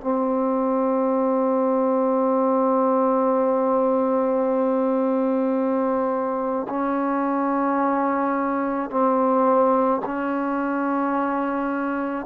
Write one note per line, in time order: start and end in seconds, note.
0.00 6.67 C4
6.69 8.90 C#4
8.90 10.01 C4
10.05 12.26 C#4